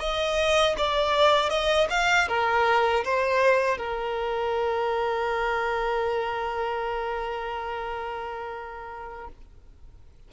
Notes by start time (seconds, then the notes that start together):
0.00 D#5
0.78 D5
1.50 D#5
1.91 F5
2.29 A#4
3.04 C5
3.78 A#4